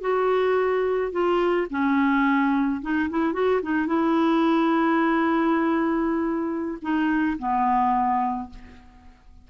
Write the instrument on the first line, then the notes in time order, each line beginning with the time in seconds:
clarinet
0.00 F#4
1.11 F4
1.70 C#4
2.81 D#4
3.10 E4
3.33 F#4
3.62 D#4
3.86 E4
6.82 D#4
7.38 B3